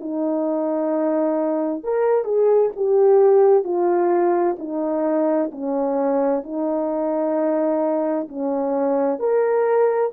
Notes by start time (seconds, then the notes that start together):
0.00 D#4
1.83 A#4
2.24 G#4
2.76 G4
3.64 F4
4.59 D#4
5.51 C#4
6.43 D#4
8.28 C#4
9.19 A#4